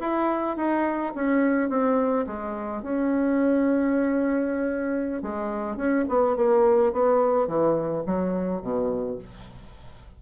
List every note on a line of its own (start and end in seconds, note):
0.00 0.57 E4
0.57 1.13 D#4
1.15 1.69 C#4
1.69 2.26 C4
2.27 2.83 G#3
2.83 5.22 C#4
5.22 5.77 G#3
5.77 6.05 C#4
6.09 6.36 B3
6.36 6.93 A#3
6.93 7.47 B3
7.47 8.04 E3
8.06 8.62 F#3
8.62 9.18 B2